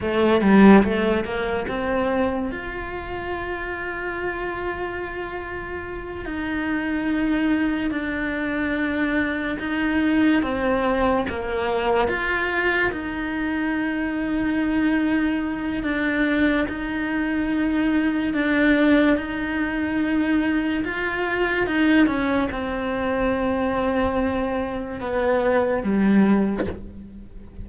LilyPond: \new Staff \with { instrumentName = "cello" } { \time 4/4 \tempo 4 = 72 a8 g8 a8 ais8 c'4 f'4~ | f'2.~ f'8 dis'8~ | dis'4. d'2 dis'8~ | dis'8 c'4 ais4 f'4 dis'8~ |
dis'2. d'4 | dis'2 d'4 dis'4~ | dis'4 f'4 dis'8 cis'8 c'4~ | c'2 b4 g4 | }